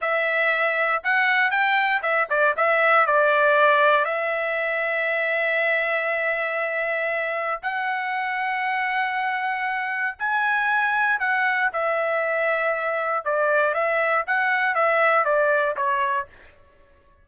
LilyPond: \new Staff \with { instrumentName = "trumpet" } { \time 4/4 \tempo 4 = 118 e''2 fis''4 g''4 | e''8 d''8 e''4 d''2 | e''1~ | e''2. fis''4~ |
fis''1 | gis''2 fis''4 e''4~ | e''2 d''4 e''4 | fis''4 e''4 d''4 cis''4 | }